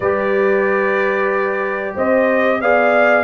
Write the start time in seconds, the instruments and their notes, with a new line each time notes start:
0.00 tuba G3, trombone G4, horn B4, trumpet D5
1.95 tuba C4, horn C5, trumpet D#5
2.61 tuba B3, trombone G#4, horn D5, trumpet F5